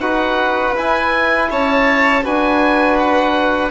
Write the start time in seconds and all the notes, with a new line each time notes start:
0.00 D#4 F#4 B4 F#5
0.75 E4 G#5
1.51 C#4 C#5 A5
2.23 D4 F#4 B4 G#5
2.99 F#5